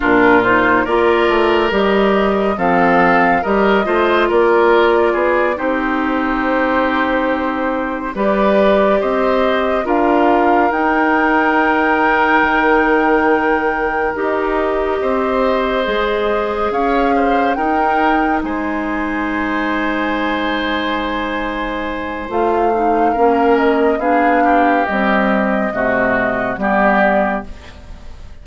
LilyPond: <<
  \new Staff \with { instrumentName = "flute" } { \time 4/4 \tempo 4 = 70 ais'8 c''8 d''4 dis''4 f''4 | dis''4 d''4. c''4.~ | c''4. d''4 dis''4 f''8~ | f''8 g''2.~ g''8~ |
g''8 dis''2. f''8~ | f''8 g''4 gis''2~ gis''8~ | gis''2 f''4. dis''8 | f''4 dis''2 d''4 | }
  \new Staff \with { instrumentName = "oboe" } { \time 4/4 f'4 ais'2 a'4 | ais'8 c''8 ais'4 gis'8 g'4.~ | g'4. b'4 c''4 ais'8~ | ais'1~ |
ais'4. c''2 cis''8 | c''8 ais'4 c''2~ c''8~ | c''2. ais'4 | gis'8 g'4. fis'4 g'4 | }
  \new Staff \with { instrumentName = "clarinet" } { \time 4/4 d'8 dis'8 f'4 g'4 c'4 | g'8 f'2 dis'4.~ | dis'4. g'2 f'8~ | f'8 dis'2.~ dis'8~ |
dis'8 g'2 gis'4.~ | gis'8 dis'2.~ dis'8~ | dis'2 f'8 dis'8 cis'4 | d'4 g4 a4 b4 | }
  \new Staff \with { instrumentName = "bassoon" } { \time 4/4 ais,4 ais8 a8 g4 f4 | g8 a8 ais4 b8 c'4.~ | c'4. g4 c'4 d'8~ | d'8 dis'2 dis4.~ |
dis8 dis'4 c'4 gis4 cis'8~ | cis'8 dis'4 gis2~ gis8~ | gis2 a4 ais4 | b4 c'4 c4 g4 | }
>>